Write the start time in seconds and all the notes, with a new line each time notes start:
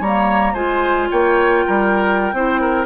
0.00 G3 A#3 C#5 A#5
0.53 G#3 F4 C5 G#5
1.11 A#3 C#5 G5
1.66 G3 A#4
2.33 C4 E4 C5
2.61 A#4